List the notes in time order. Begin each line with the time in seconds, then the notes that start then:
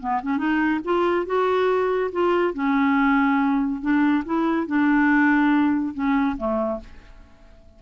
0.00 B3
0.22 C#4
0.38 D#4
0.85 F4
1.26 F#4
2.12 F4
2.53 C#4
3.81 D4
4.25 E4
4.67 D4
5.94 C#4
6.37 A3